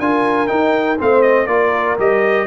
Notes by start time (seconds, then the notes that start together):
0.00 D4 F4 A#4 G#5
0.48 D#4 G5
0.99 A3 C4 C5 F5
1.22 D#5
1.47 A#3 F4 A#4 D5
1.99 G3 G4 D#5